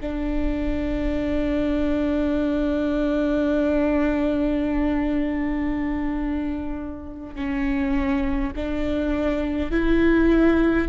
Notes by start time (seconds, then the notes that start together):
0.00 D4
7.35 C#4
8.56 D4
9.71 E4